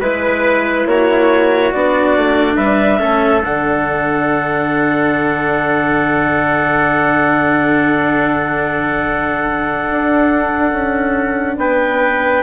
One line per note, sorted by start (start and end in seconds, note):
0.00 0.86 G#3
0.00 1.73 E4
0.00 0.86 B4
0.00 0.87 B4
0.86 1.71 A#3
0.86 2.56 F#4
0.86 1.72 C#5
1.72 2.17 B3
1.72 2.98 D4
1.72 2.56 D5
2.17 2.57 A3
2.56 3.00 G3
2.56 2.99 B4
2.56 3.41 E5
2.98 3.44 A3
2.98 3.41 C#4
2.98 11.56 A4
3.42 9.87 D3
3.42 12.42 D4
3.42 11.56 F#5
9.91 10.72 D4
10.72 11.56 C#4
11.56 12.42 B3
11.56 12.42 B4
11.56 12.42 G5